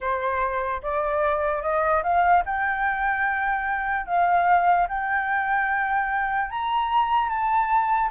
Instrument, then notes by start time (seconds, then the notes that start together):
flute
0.00 C5
0.82 D5
1.62 D#5
2.03 F5
2.45 G5
4.06 F5
4.88 G5
6.50 A#5
7.29 A5